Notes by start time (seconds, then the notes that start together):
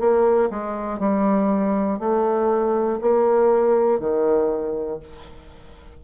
0.00 A#3
0.51 G#3
1.00 G3
2.00 A3
3.02 A#3
4.00 D#3